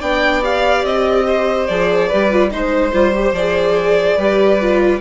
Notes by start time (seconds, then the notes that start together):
0.00 B3 D4 D5 G5
0.44 G4 F5
0.85 C4 D#5
1.28 C5
1.68 F3 G#4 D5
2.08 G3 G4 B4
2.31 F4
2.51 G#3 D#4 C5
2.93 G3 F4
3.14 G4
3.33 F3 G#4 D5
4.17 G3 G4 B4
4.61 F4